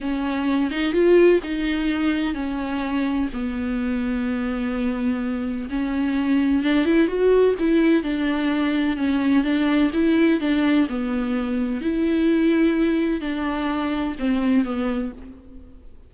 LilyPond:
\new Staff \with { instrumentName = "viola" } { \time 4/4 \tempo 4 = 127 cis'4. dis'8 f'4 dis'4~ | dis'4 cis'2 b4~ | b1 | cis'2 d'8 e'8 fis'4 |
e'4 d'2 cis'4 | d'4 e'4 d'4 b4~ | b4 e'2. | d'2 c'4 b4 | }